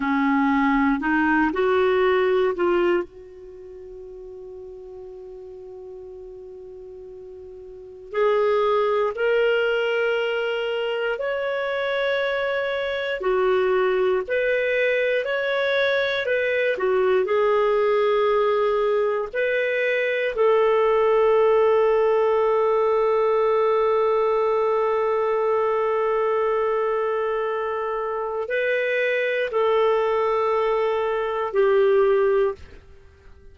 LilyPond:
\new Staff \with { instrumentName = "clarinet" } { \time 4/4 \tempo 4 = 59 cis'4 dis'8 fis'4 f'8 fis'4~ | fis'1 | gis'4 ais'2 cis''4~ | cis''4 fis'4 b'4 cis''4 |
b'8 fis'8 gis'2 b'4 | a'1~ | a'1 | b'4 a'2 g'4 | }